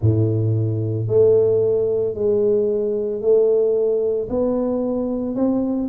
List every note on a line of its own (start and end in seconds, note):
0.01 1.07 A2
1.07 2.14 A3
2.14 3.21 G#3
3.21 4.28 A3
4.29 5.35 B3
5.35 5.88 C4